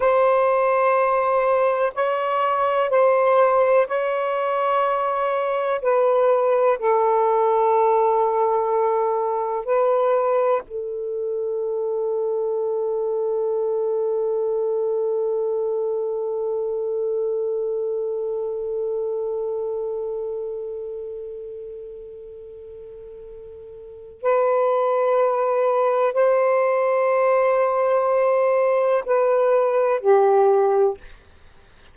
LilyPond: \new Staff \with { instrumentName = "saxophone" } { \time 4/4 \tempo 4 = 62 c''2 cis''4 c''4 | cis''2 b'4 a'4~ | a'2 b'4 a'4~ | a'1~ |
a'1~ | a'1~ | a'4 b'2 c''4~ | c''2 b'4 g'4 | }